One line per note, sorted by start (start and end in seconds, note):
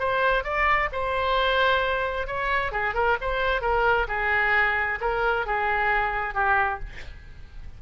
0.00 0.44 C5
0.44 0.90 D5
0.93 2.28 C5
2.28 2.72 C#5
2.72 2.95 G#4
2.95 3.17 A#4
3.21 3.62 C5
3.62 4.07 A#4
4.08 4.99 G#4
5.01 5.46 A#4
5.46 6.35 G#4
6.35 6.80 G4